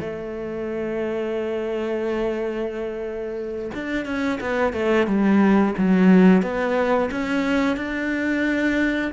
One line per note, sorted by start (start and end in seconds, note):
0.00 3.71 A3
3.74 4.05 D4
4.05 4.39 C#4
4.40 4.73 B3
4.73 5.07 A3
5.07 5.74 G3
5.77 6.42 F#3
6.42 7.09 B3
7.11 7.77 C#4
7.77 9.11 D4